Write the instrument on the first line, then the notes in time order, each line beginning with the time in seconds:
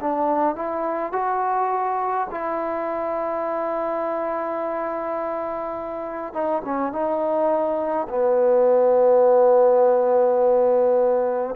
trombone
0.00 D4
0.55 E4
1.12 F#4
2.30 E4
6.33 D#4
6.65 C#4
6.92 D#4
8.09 B3